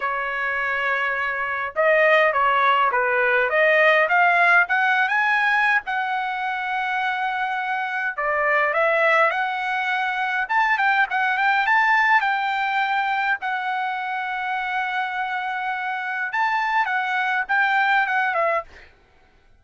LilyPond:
\new Staff \with { instrumentName = "trumpet" } { \time 4/4 \tempo 4 = 103 cis''2. dis''4 | cis''4 b'4 dis''4 f''4 | fis''8. gis''4~ gis''16 fis''2~ | fis''2 d''4 e''4 |
fis''2 a''8 g''8 fis''8 g''8 | a''4 g''2 fis''4~ | fis''1 | a''4 fis''4 g''4 fis''8 e''8 | }